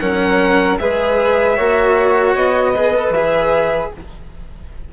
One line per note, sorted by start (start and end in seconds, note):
0.00 0.79 F#3
0.00 0.80 C#4
0.00 0.79 A#4
0.00 0.78 F#5
0.79 1.58 G#3
0.79 1.58 G#4
0.79 1.56 B4
0.79 2.35 E5
1.56 2.35 A#3
1.56 2.75 F#4
1.56 2.73 C#5
2.35 3.10 B3
2.35 3.14 D#5
2.75 2.94 G#4
2.75 3.92 B4
2.94 3.14 A4
3.10 3.88 E3
3.10 3.94 G#4
3.10 3.92 E5